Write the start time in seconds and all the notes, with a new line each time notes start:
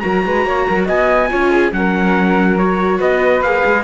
0.00 F#3 F#4 A#4 A#5
0.25 G#3 B4
0.45 A#3 C#5
0.68 F#3 A#4
0.86 B3 D#5 G#5
1.29 C#4 F4 C#5
1.50 G#4
1.72 F#3 C#4 A#4 F#5
2.57 F#4 C#5
2.99 B3 B4 D#5
3.41 A#3 G#4 F5
3.66 G#3